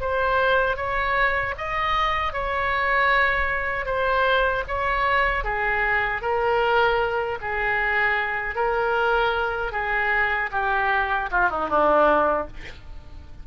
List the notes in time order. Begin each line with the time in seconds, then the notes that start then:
0.00 C5
0.77 C#5
1.57 D#5
2.33 C#5
3.85 C5
4.67 C#5
5.44 G#4
6.22 A#4
7.41 G#4
8.55 A#4
9.72 G#4
10.51 G4
11.31 F4
11.50 D#4
11.69 D4